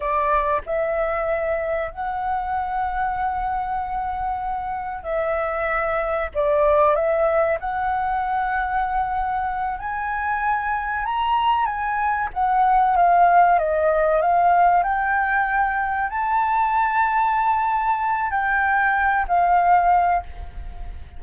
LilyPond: \new Staff \with { instrumentName = "flute" } { \time 4/4 \tempo 4 = 95 d''4 e''2 fis''4~ | fis''1 | e''2 d''4 e''4 | fis''2.~ fis''8 gis''8~ |
gis''4. ais''4 gis''4 fis''8~ | fis''8 f''4 dis''4 f''4 g''8~ | g''4. a''2~ a''8~ | a''4 g''4. f''4. | }